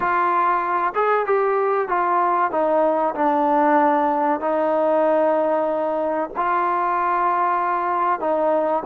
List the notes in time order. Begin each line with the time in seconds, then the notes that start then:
0.00 F4
0.94 G#4
1.26 G4
1.88 F4
2.51 D#4
3.14 D4
4.40 D#4
6.36 F4
8.20 D#4